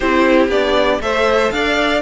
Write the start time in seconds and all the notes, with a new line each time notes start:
0.00 C4 E4 G4 C5
0.48 B3 D4 D5
0.99 A3 A4 C5 E5
1.51 D4 D5 F5